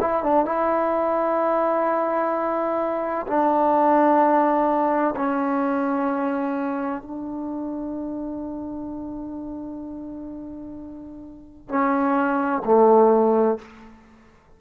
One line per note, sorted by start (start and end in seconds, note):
0.00 0.23 E4
0.23 0.45 D4
0.45 3.26 E4
3.27 5.14 D4
5.16 7.02 C#4
7.02 11.68 D4
11.68 12.62 C#4
12.64 13.58 A3